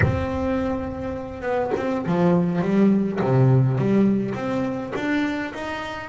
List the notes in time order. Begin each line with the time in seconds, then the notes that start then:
0.02 C4
1.41 B3
1.76 C4
2.06 F3
2.61 G3
3.21 C3
3.78 G3
4.34 C4
4.95 D4
5.54 D#4